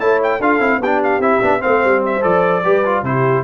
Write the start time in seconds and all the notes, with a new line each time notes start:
0.00 A3 E4 C#5 A5
0.23 G5
0.40 D4 F4 A4 F5
0.60 C4 E4
0.79 B3 G4 G5
0.86 D4
1.04 F5
1.19 C4 E4 E5
1.42 B3 D4
1.60 A3 C4 C5 F5
1.84 G3
2.06 E5
2.21 F3 A4 D5
2.64 G3 G4 B4
2.85 F4
3.03 C3 E4 G4 C5